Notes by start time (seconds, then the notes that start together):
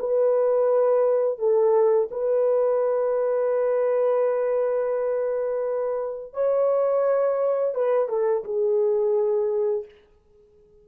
0.00 B4
1.39 A4
2.11 B4
6.34 C#5
7.75 B4
8.09 A4
8.44 G#4